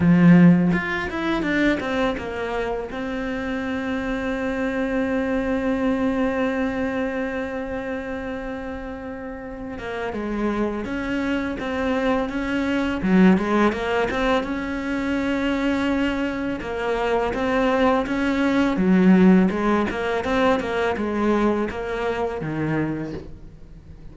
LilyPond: \new Staff \with { instrumentName = "cello" } { \time 4/4 \tempo 4 = 83 f4 f'8 e'8 d'8 c'8 ais4 | c'1~ | c'1~ | c'4. ais8 gis4 cis'4 |
c'4 cis'4 fis8 gis8 ais8 c'8 | cis'2. ais4 | c'4 cis'4 fis4 gis8 ais8 | c'8 ais8 gis4 ais4 dis4 | }